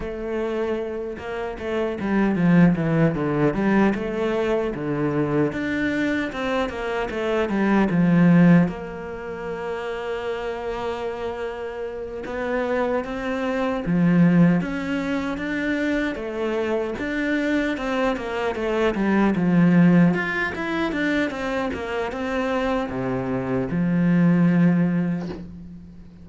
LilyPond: \new Staff \with { instrumentName = "cello" } { \time 4/4 \tempo 4 = 76 a4. ais8 a8 g8 f8 e8 | d8 g8 a4 d4 d'4 | c'8 ais8 a8 g8 f4 ais4~ | ais2.~ ais8 b8~ |
b8 c'4 f4 cis'4 d'8~ | d'8 a4 d'4 c'8 ais8 a8 | g8 f4 f'8 e'8 d'8 c'8 ais8 | c'4 c4 f2 | }